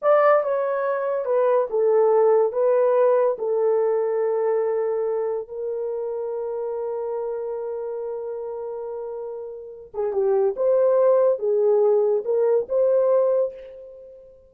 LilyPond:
\new Staff \with { instrumentName = "horn" } { \time 4/4 \tempo 4 = 142 d''4 cis''2 b'4 | a'2 b'2 | a'1~ | a'4 ais'2.~ |
ais'1~ | ais'2.~ ais'8 gis'8 | g'4 c''2 gis'4~ | gis'4 ais'4 c''2 | }